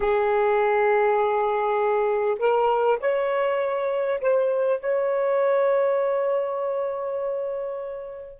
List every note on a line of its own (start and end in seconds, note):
0.00 2.37 G#4
2.38 2.98 A#4
3.00 4.20 C#5
4.20 4.79 C5
4.79 8.39 C#5